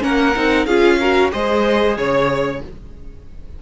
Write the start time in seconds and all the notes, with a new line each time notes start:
0.00 A#3 C#4 A#4 F#5
0.36 C4 D#4
0.66 C#4 F4 G#4 F5
0.99 F#4 A#4
1.32 G#3 G#4 C5 D#5
1.97 C#3 C#5